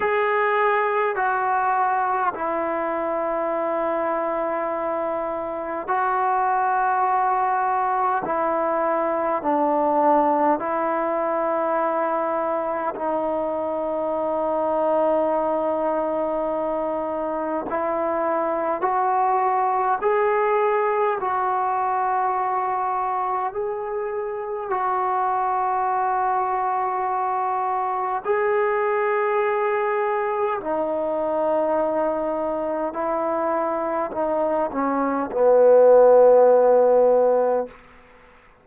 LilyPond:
\new Staff \with { instrumentName = "trombone" } { \time 4/4 \tempo 4 = 51 gis'4 fis'4 e'2~ | e'4 fis'2 e'4 | d'4 e'2 dis'4~ | dis'2. e'4 |
fis'4 gis'4 fis'2 | gis'4 fis'2. | gis'2 dis'2 | e'4 dis'8 cis'8 b2 | }